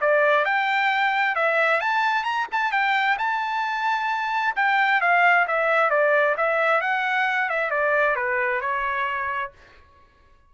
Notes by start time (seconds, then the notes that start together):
0.00 D5
0.45 G5
1.35 E5
1.80 A5
2.24 A#5
2.51 A5
2.71 G5
3.18 A5
4.55 G5
5.00 F5
5.47 E5
5.90 D5
6.37 E5
6.81 F#5
7.49 E5
7.70 D5
8.15 B4
8.60 C#5